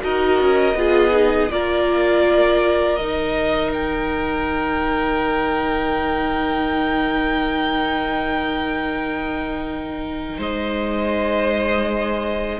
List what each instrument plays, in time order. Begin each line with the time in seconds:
0.00 cello D#4, viola F#4, violin A#4 D#5
0.40 cello C#4
0.74 cello B3, viola F4, violin G#4
1.11 viola D#4
1.51 cello A#3, viola F4, violin A#4 D5
2.96 cello D#3, viola D#4, violin D#5
3.73 violin G5
10.37 cello G#3, violin C5 D#5